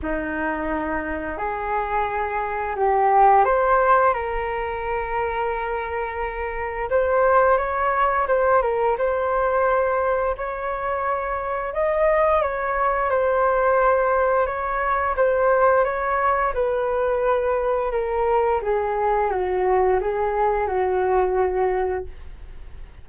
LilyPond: \new Staff \with { instrumentName = "flute" } { \time 4/4 \tempo 4 = 87 dis'2 gis'2 | g'4 c''4 ais'2~ | ais'2 c''4 cis''4 | c''8 ais'8 c''2 cis''4~ |
cis''4 dis''4 cis''4 c''4~ | c''4 cis''4 c''4 cis''4 | b'2 ais'4 gis'4 | fis'4 gis'4 fis'2 | }